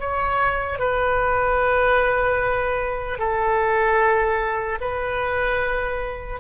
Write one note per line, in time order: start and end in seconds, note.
0.00 0.79 C#5
0.79 3.19 B4
3.19 4.79 A4
4.81 6.40 B4